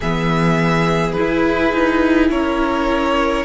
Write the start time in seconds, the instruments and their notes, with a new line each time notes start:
0.00 cello E3, viola B3, violin G#4 E5
1.12 viola E4, violin B4
1.19 cello E4
1.73 cello D#4
2.30 cello C#4, violin A#4 C#5